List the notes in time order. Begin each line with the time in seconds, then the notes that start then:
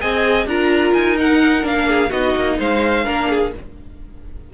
0.00 C4 G#4 D#5 G#5
0.46 D4 F4 A#4 A#5
0.93 D#4 G#5
1.17 D#4 F#5
1.62 A#3 D4 F5
1.88 G#4
2.10 B3 D#4 F#4 D#5
2.35 A#3
2.58 G#3 C5 F5
3.05 A#3 D4 A#4
3.29 G#4